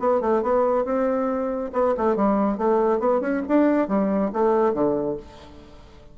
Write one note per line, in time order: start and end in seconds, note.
0.00 0.21 B3
0.21 0.43 A3
0.43 0.85 B3
0.85 1.71 C4
1.73 1.95 B3
1.98 2.16 A3
2.16 2.58 G3
2.58 3.00 A3
3.00 3.21 B3
3.21 3.43 C#4
3.48 3.89 D4
3.89 4.32 G3
4.33 4.74 A3
4.74 5.17 D3